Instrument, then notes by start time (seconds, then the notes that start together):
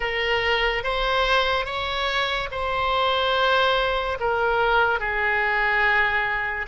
oboe
0.00 A#4
0.83 C5
1.65 C#5
2.51 C5
4.20 A#4
4.99 G#4